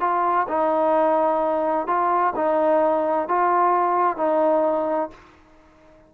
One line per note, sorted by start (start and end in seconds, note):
0.00 0.47 F4
0.48 1.87 D#4
1.87 2.33 F4
2.36 3.28 D#4
3.28 4.17 F4
4.17 5.10 D#4